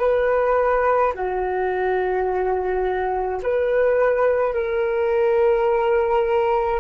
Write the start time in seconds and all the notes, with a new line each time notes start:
0.00 B4
1.15 F#4
3.43 B4
4.54 A#4